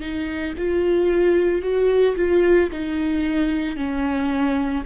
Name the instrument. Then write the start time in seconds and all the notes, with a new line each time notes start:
viola
0.00 D#4
0.57 F4
1.62 F#4
2.16 F4
2.72 D#4
3.76 C#4